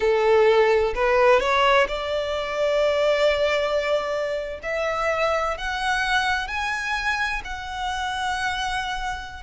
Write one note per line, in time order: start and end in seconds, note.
0.00 0.94 A4
0.94 1.40 B4
1.40 1.87 C#5
1.87 4.59 D5
4.63 5.57 E5
5.57 6.47 F#5
6.47 7.42 G#5
7.44 9.43 F#5